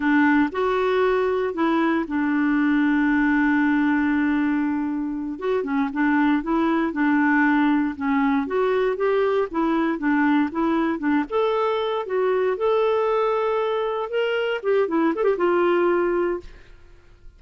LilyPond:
\new Staff \with { instrumentName = "clarinet" } { \time 4/4 \tempo 4 = 117 d'4 fis'2 e'4 | d'1~ | d'2~ d'8 fis'8 cis'8 d'8~ | d'8 e'4 d'2 cis'8~ |
cis'8 fis'4 g'4 e'4 d'8~ | d'8 e'4 d'8 a'4. fis'8~ | fis'8 a'2. ais'8~ | ais'8 g'8 e'8 a'16 g'16 f'2 | }